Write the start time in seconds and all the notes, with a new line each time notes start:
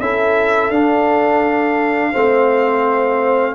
0.00 C#4 E4 A4 E5
0.70 D4 F5
2.12 A3 C4 C5